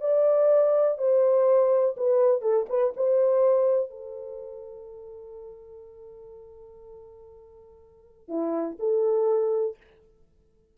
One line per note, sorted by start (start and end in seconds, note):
0.00 0.98 D5
0.98 1.96 C5
1.97 2.41 B4
2.41 2.66 A4
2.69 2.93 B4
2.96 3.90 C5
3.90 8.28 A4
8.28 8.77 E4
8.79 9.76 A4